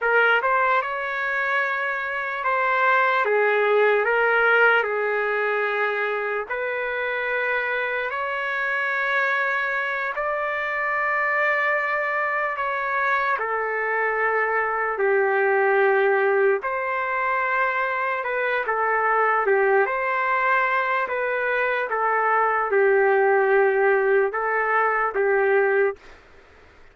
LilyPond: \new Staff \with { instrumentName = "trumpet" } { \time 4/4 \tempo 4 = 74 ais'8 c''8 cis''2 c''4 | gis'4 ais'4 gis'2 | b'2 cis''2~ | cis''8 d''2. cis''8~ |
cis''8 a'2 g'4.~ | g'8 c''2 b'8 a'4 | g'8 c''4. b'4 a'4 | g'2 a'4 g'4 | }